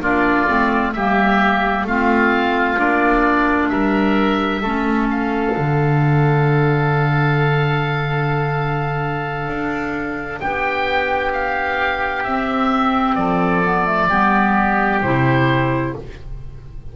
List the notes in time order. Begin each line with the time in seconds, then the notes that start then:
0.00 A#3 D4 F4 D5
0.46 A3 C4
0.92 G3 A#3 G4 E5
1.84 A3 C4 F4 F5
2.77 A#3 D4 D5
3.68 G3 A#4 E5
4.62 A3 C#4 A4
5.10 F5
5.56 D3 D4
9.47 D4
10.40 B3 G4 G5
11.32 F5
12.23 C4 E5
13.15 F3 A4 D5
13.64 B3
13.85 A3
14.08 G3 B3 G4
15.02 C3 E4 C5